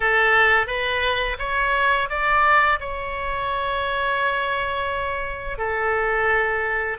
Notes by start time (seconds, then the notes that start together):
0.00 A4
0.67 B4
1.39 C#5
2.09 D5
2.80 C#5
5.58 A4